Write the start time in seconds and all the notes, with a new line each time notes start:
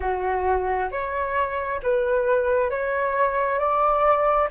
0.00 F#4
0.91 C#5
1.82 B4
2.70 C#5
3.59 D5